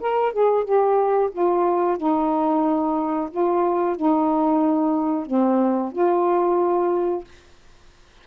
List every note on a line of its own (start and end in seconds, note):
0.00 0.33 A#4
0.33 0.64 G#4
0.64 1.30 G4
1.32 1.98 F4
1.98 3.29 D#4
3.31 3.96 F4
3.96 5.26 D#4
5.26 5.92 C4
5.92 7.24 F4